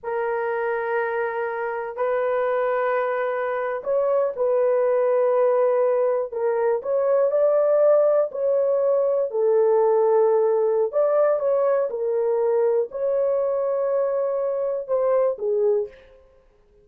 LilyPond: \new Staff \with { instrumentName = "horn" } { \time 4/4 \tempo 4 = 121 ais'1 | b'2.~ b'8. cis''16~ | cis''8. b'2.~ b'16~ | b'8. ais'4 cis''4 d''4~ d''16~ |
d''8. cis''2 a'4~ a'16~ | a'2 d''4 cis''4 | ais'2 cis''2~ | cis''2 c''4 gis'4 | }